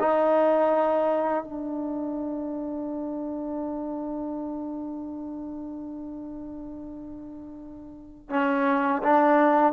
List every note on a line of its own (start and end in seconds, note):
0.00 1.44 D#4
1.44 8.30 D4
8.30 9.02 C#4
9.03 9.73 D4